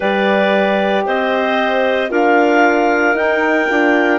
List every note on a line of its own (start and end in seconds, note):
0.00 1.06 G3
0.00 2.09 G4
0.00 1.05 B4
0.00 1.06 D5
1.05 2.10 C4
1.05 2.10 C5
1.05 2.11 D#5
2.09 3.16 D4
2.09 3.12 F4
2.09 4.18 A#4
2.09 3.16 F5
3.12 3.65 D#4
3.12 3.69 D#4
3.12 4.18 G5
3.69 4.18 D4
3.69 4.18 F4